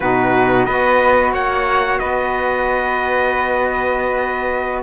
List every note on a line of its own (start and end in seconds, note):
0.00 0.67 B2
0.00 0.68 D#4
0.00 0.66 F#4
0.00 0.65 B4
0.65 1.32 B3
0.65 4.83 F#4
0.65 1.32 B4
0.65 1.32 D#5
1.32 1.98 A#3
1.32 1.99 C#5
1.32 1.99 F#5
1.99 4.83 B3
1.99 4.83 B4
1.99 4.82 D#5